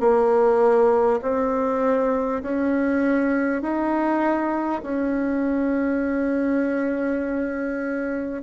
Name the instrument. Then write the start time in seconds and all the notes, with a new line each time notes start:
bassoon
0.00 A#3
1.22 C4
2.43 C#4
3.62 D#4
4.83 C#4